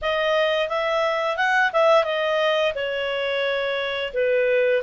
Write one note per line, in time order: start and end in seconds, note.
0.01 0.68 D#5
0.68 1.36 E5
1.36 1.71 F#5
1.72 2.04 E5
2.04 2.73 D#5
2.74 4.12 C#5
4.13 4.82 B4